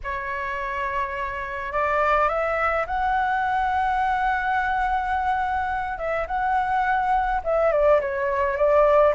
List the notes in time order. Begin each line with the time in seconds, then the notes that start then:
0.03 C#5
1.72 D5
2.28 E5
2.86 F#5
5.98 E5
6.27 F#5
7.44 E5
7.71 D5
8.01 C#5
8.56 D5